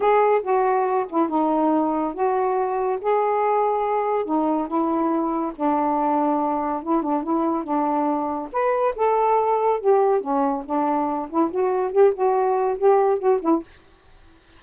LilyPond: \new Staff \with { instrumentName = "saxophone" } { \time 4/4 \tempo 4 = 141 gis'4 fis'4. e'8 dis'4~ | dis'4 fis'2 gis'4~ | gis'2 dis'4 e'4~ | e'4 d'2. |
e'8 d'8 e'4 d'2 | b'4 a'2 g'4 | cis'4 d'4. e'8 fis'4 | g'8 fis'4. g'4 fis'8 e'8 | }